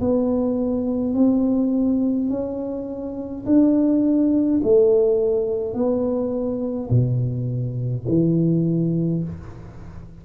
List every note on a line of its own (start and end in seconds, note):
0.00 1.14 B3
1.14 2.29 C4
2.30 3.45 C#4
3.46 4.61 D4
4.63 5.74 A3
5.74 6.89 B3
6.90 8.05 B2
8.08 9.23 E3